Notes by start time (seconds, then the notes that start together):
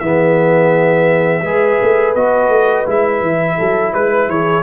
0.00 E3 B3 G#4 E5
1.43 G#3 G#4 B4
1.82 A3
2.16 B3 F#4 D#5
2.49 A3
2.86 G#3 E4 E5
3.22 E3
3.58 F#3 A4
3.93 G#3 B4
4.29 E3 G#4 C#5